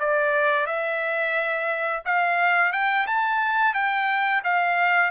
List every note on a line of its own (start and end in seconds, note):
0.00 0.67 D5
0.67 2.03 E5
2.05 2.73 F5
2.73 3.07 G5
3.07 3.74 A5
3.74 4.43 G5
4.44 5.11 F5